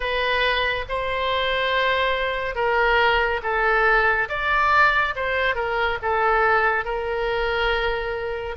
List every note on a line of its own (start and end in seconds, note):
0.00 0.85 B4
0.88 2.55 C5
2.55 3.41 A#4
3.42 4.28 A4
4.29 5.14 D5
5.15 5.55 C5
5.55 5.98 A#4
6.02 6.84 A4
6.84 8.56 A#4